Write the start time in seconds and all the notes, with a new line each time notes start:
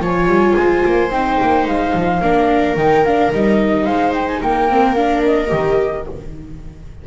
0.00 F3 F4 C#5 G#5
0.27 G3
0.56 G#3 C5
0.85 A#3
1.10 C4 D#4 G5
1.41 A#3
1.66 G#3 F5
1.94 F3
2.21 A#3 D4 A#4
2.76 D#3 D#4 G5
3.05 D4 F5
3.32 G3 D#4 D#5
3.85 G#3 C5 F5
4.14 G5
4.27 G#5
4.41 A#3 A#4 G5
4.69 C4
4.95 D4 F5
5.24 D#5
5.47 D#3 G4